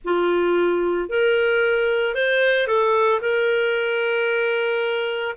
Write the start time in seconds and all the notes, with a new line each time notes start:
0.04 F4
1.09 A#4
2.14 C5
2.67 A4
3.21 A#4